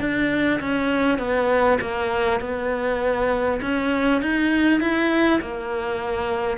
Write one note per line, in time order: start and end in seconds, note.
0.00 0.60 D4
0.61 1.19 C#4
1.19 1.79 B3
1.81 2.41 A#3
2.41 3.61 B3
3.62 4.22 C#4
4.22 4.81 D#4
4.81 5.41 E4
5.41 6.58 A#3